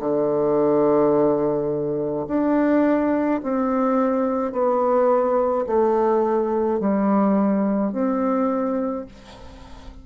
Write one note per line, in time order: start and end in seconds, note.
0.00 2.26 D3
2.27 3.41 D4
3.43 4.52 C4
4.52 5.66 B3
5.67 6.80 A3
6.80 7.92 G3
7.92 9.06 C4